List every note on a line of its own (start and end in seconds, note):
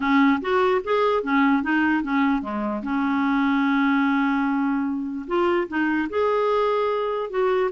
0.00 0.39 C#4
0.41 0.81 F#4
0.84 1.23 G#4
1.23 1.62 C#4
1.62 2.03 D#4
2.03 2.42 C#4
2.42 2.82 G#3
2.82 5.26 C#4
5.27 5.67 F4
5.68 6.08 D#4
6.09 7.30 G#4
7.30 7.70 F#4